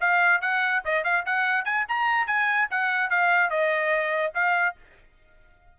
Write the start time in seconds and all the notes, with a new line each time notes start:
0.00 F5
0.41 F#5
0.84 D#5
1.04 F5
1.25 F#5
1.65 G#5
1.88 A#5
2.27 G#5
2.70 F#5
3.10 F5
3.50 D#5
4.34 F5